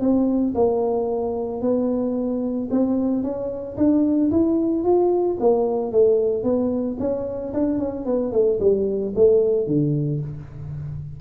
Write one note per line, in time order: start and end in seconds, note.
0.00 0.54 C4
0.55 1.61 A#3
1.61 2.68 B3
2.71 3.23 C4
3.23 3.76 C#4
3.77 4.30 D4
4.31 4.84 E4
4.84 5.37 F4
5.40 5.92 A#3
5.92 6.43 A3
6.43 6.97 B3
6.99 7.53 C#4
7.53 7.78 D4
7.78 8.05 C#4
8.05 8.32 B3
8.32 8.59 A3
8.60 9.13 G3
9.15 9.66 A3
9.66 10.20 D3